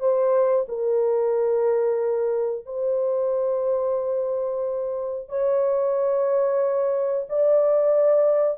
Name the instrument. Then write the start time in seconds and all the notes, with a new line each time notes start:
horn
0.00 C5
0.68 A#4
2.66 C5
5.29 C#5
7.29 D5